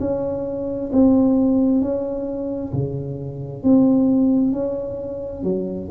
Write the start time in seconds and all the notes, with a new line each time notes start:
0.00 C#4
0.93 C4
1.82 C#4
2.73 C#3
3.63 C4
4.52 C#4
5.43 F#3